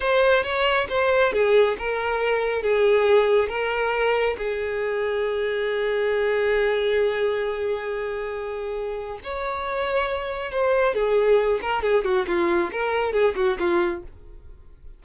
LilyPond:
\new Staff \with { instrumentName = "violin" } { \time 4/4 \tempo 4 = 137 c''4 cis''4 c''4 gis'4 | ais'2 gis'2 | ais'2 gis'2~ | gis'1~ |
gis'1~ | gis'4 cis''2. | c''4 gis'4. ais'8 gis'8 fis'8 | f'4 ais'4 gis'8 fis'8 f'4 | }